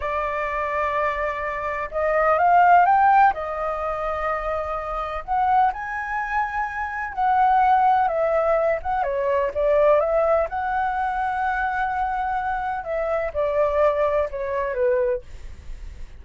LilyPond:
\new Staff \with { instrumentName = "flute" } { \time 4/4 \tempo 4 = 126 d''1 | dis''4 f''4 g''4 dis''4~ | dis''2. fis''4 | gis''2. fis''4~ |
fis''4 e''4. fis''8 cis''4 | d''4 e''4 fis''2~ | fis''2. e''4 | d''2 cis''4 b'4 | }